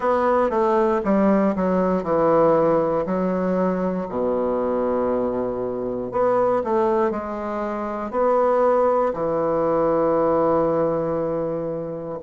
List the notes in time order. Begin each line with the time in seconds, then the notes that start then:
0.00 B3
0.50 A3
1.04 G3
1.55 F#3
2.03 E3
3.06 F#3
4.09 B2
6.11 B3
6.63 A3
7.10 G#3
8.11 B3
9.13 E3